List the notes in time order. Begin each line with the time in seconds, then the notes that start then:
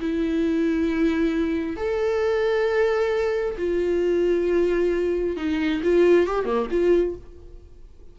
0.00 E4
1.76 A4
3.58 F4
5.36 D#4
5.83 F4
6.26 G4
6.45 A#3
6.70 F4